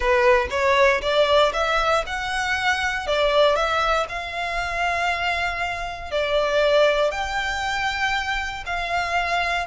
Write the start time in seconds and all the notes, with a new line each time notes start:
0.00 B4
0.50 C#5
1.01 D5
1.53 E5
2.06 F#5
3.06 D5
3.55 E5
4.08 F5
6.11 D5
7.11 G5
8.66 F5